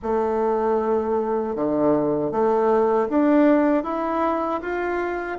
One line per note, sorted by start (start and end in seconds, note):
0.02 1.55 A3
1.55 2.31 D3
2.31 3.08 A3
3.09 3.83 D4
3.83 4.60 E4
4.61 5.38 F4